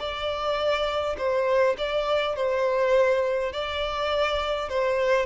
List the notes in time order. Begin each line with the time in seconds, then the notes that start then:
0.00 D5
1.18 C5
1.78 D5
2.36 C5
3.53 D5
4.69 C5